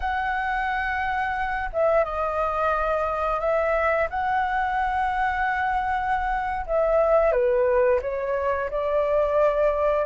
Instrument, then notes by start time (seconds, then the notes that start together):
flute
0.00 F#5
1.72 E5
2.04 D#5
3.39 E5
4.10 F#5
6.66 E5
7.31 B4
8.01 C#5
8.70 D5